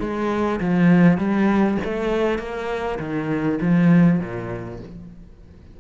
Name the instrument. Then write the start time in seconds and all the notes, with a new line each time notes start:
cello
0.00 G#3
0.61 F3
1.18 G3
1.84 A3
2.39 A#3
2.99 D#3
3.61 F3
4.20 A#2